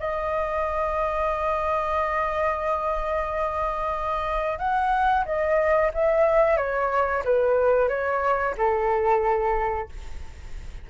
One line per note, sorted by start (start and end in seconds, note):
0.00 4.59 D#5
4.59 5.25 F#5
5.26 5.92 D#5
5.94 6.58 E5
6.58 7.23 C#5
7.25 7.89 B4
7.89 8.55 C#5
8.58 9.90 A4